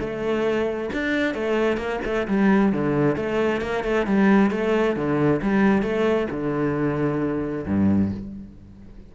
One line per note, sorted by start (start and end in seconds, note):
0.00 0.90 A3
0.93 1.34 D4
1.34 1.77 A3
1.77 2.00 A#3
2.05 2.27 A3
2.27 2.72 G3
2.72 3.16 D3
3.16 3.61 A3
3.61 3.84 A#3
3.84 4.06 A3
4.06 4.51 G3
4.51 4.96 A3
4.96 5.41 D3
5.42 5.83 G3
5.83 6.28 A3
6.30 7.66 D3
7.67 8.12 G2